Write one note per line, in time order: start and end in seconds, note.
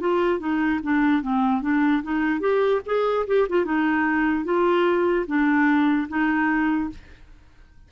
0.00 0.40 F4
0.40 0.80 D#4
0.83 1.22 D4
1.22 1.62 C4
1.62 2.03 D4
2.03 2.41 D#4
2.41 2.81 G4
2.86 3.27 G#4
3.28 3.48 G4
3.49 3.65 F4
3.65 4.45 D#4
4.45 5.26 F4
5.27 6.08 D4
6.09 6.90 D#4